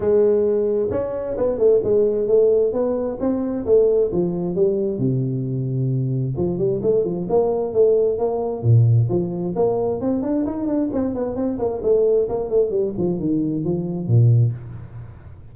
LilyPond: \new Staff \with { instrumentName = "tuba" } { \time 4/4 \tempo 4 = 132 gis2 cis'4 b8 a8 | gis4 a4 b4 c'4 | a4 f4 g4 c4~ | c2 f8 g8 a8 f8 |
ais4 a4 ais4 ais,4 | f4 ais4 c'8 d'8 dis'8 d'8 | c'8 b8 c'8 ais8 a4 ais8 a8 | g8 f8 dis4 f4 ais,4 | }